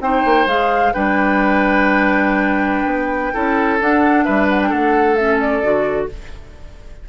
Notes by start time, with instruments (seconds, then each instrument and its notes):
0.00 bassoon C4, clarinet D#4, oboe C5, flute G5
0.25 bassoon A#3
0.46 bassoon G#3, clarinet G#4, flute F5
0.93 bassoon G3, clarinet D4, oboe B4, flute G5
2.85 bassoon B3
3.33 bassoon C#4, clarinet E4, oboe A4
3.80 clarinet D4, bassoon D4, flute F#5
4.24 bassoon G3, oboe B4, flute E5
4.48 flute F#5
4.62 flute G5
4.68 bassoon A3, oboe A4, flute F#5
5.15 clarinet C#4, flute E5
5.40 flute D5
5.62 bassoon D3, clarinet F#4